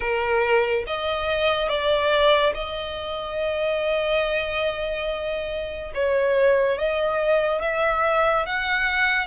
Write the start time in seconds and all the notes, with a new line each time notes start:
0.00 A#4
0.86 D#5
1.69 D5
2.54 D#5
5.94 C#5
6.78 D#5
7.61 E5
8.45 F#5